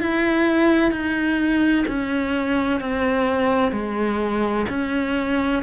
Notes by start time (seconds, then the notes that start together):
0.00 E4
0.92 D#4
1.87 C#4
2.80 C4
3.72 G#3
4.70 C#4